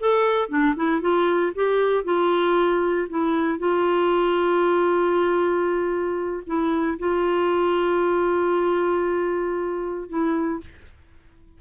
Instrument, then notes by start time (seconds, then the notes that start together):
clarinet
0.00 A4
0.49 D4
0.76 E4
1.01 F4
1.55 G4
2.05 F4
3.10 E4
3.59 F4
6.47 E4
6.99 F4
10.09 E4